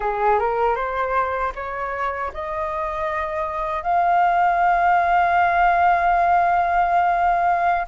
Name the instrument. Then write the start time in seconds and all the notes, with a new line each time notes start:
flute
0.00 G#4
0.39 A#4
0.75 C5
1.55 C#5
2.33 D#5
3.83 F5